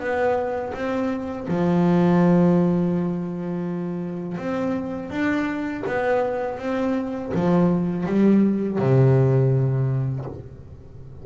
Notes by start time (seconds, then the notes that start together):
0.00 B3
0.74 C4
1.48 F3
4.38 C4
5.11 D4
5.87 B3
6.59 C4
7.34 F3
8.06 G3
8.79 C3